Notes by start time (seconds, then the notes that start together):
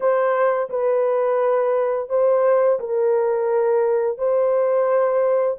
0.00 C5
0.69 B4
2.09 C5
2.79 A#4
4.17 C5